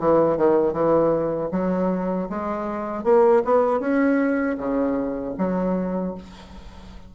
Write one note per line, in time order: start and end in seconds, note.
0.00 0.37 E3
0.37 0.73 D#3
0.73 1.50 E3
1.52 2.29 F#3
2.30 3.04 G#3
3.04 3.43 A#3
3.45 3.80 B3
3.80 4.57 C#4
4.58 5.35 C#3
5.38 6.15 F#3